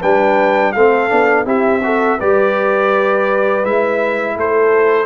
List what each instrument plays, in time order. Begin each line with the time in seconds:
0.00 tuba G3, trombone D4, horn B4, trumpet G5
0.72 tuba A3, trombone C4, horn A4, trumpet F5
1.09 tuba B3, trombone D4
1.45 tuba C4, trombone E4, horn G4, trumpet E5
1.82 trombone F#4, horn A4
2.19 tuba G3, trombone G4, horn B4, trumpet D5
3.64 tuba G#3, trombone E4, trumpet E5
4.36 tuba A3, horn A4, trumpet C5